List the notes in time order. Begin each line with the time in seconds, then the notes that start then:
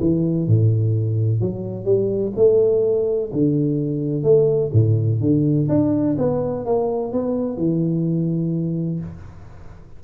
0.00 E3
0.47 A2
1.41 F#3
1.85 G3
2.36 A3
3.33 D3
4.23 A3
4.73 A2
5.20 D3
5.69 D4
6.18 B3
6.65 A#3
7.13 B3
7.57 E3